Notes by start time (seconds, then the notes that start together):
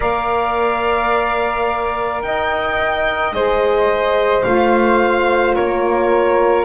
0.00 A#3 A#4 D5 F5
2.22 D#4 D#5 G5
3.32 G#3 G#4 C5 D#5
4.43 A3 F4 F5
5.55 A#3 A#4 C#5